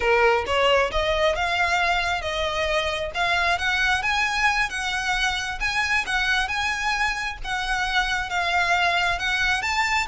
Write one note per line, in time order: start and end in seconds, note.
0.00 0.44 A#4
0.46 0.91 C#5
0.91 1.35 D#5
1.35 2.21 F5
2.21 3.11 D#5
3.14 3.58 F5
3.58 4.02 F#5
4.02 4.69 G#5
4.69 5.59 F#5
5.60 6.04 G#5
6.06 6.48 F#5
6.48 7.37 G#5
7.43 8.29 F#5
8.29 9.18 F5
9.18 9.61 F#5
9.61 10.06 A5